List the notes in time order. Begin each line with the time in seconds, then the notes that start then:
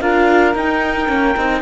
0.00 D4 F4 A#4 F5
0.54 D#4 G5
1.08 A#3 C#4
1.36 C4 D#4